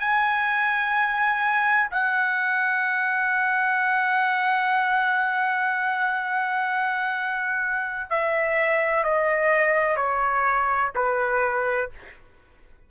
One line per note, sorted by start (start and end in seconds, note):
0.00 1.90 G#5
1.91 8.10 F#5
8.10 9.04 E5
9.04 9.97 D#5
9.97 10.92 C#5
10.96 11.91 B4